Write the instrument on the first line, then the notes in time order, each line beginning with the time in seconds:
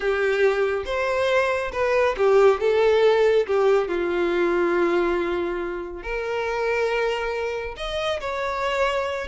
violin
0.00 G4
0.85 C5
1.72 B4
2.17 G4
2.60 A4
3.46 G4
3.88 F4
6.02 A#4
7.76 D#5
8.20 C#5